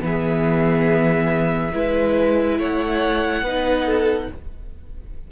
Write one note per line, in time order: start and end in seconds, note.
0.00 1.71 E3
0.00 1.72 B3
0.00 1.72 G#4
0.00 2.60 E5
1.72 2.59 G#3
1.72 3.45 E4
1.72 2.58 B4
2.58 3.41 A3
2.58 3.43 C#5
2.58 4.31 F#5
3.41 4.27 B3
3.41 4.31 D#4
3.41 3.85 B4
3.85 4.28 A4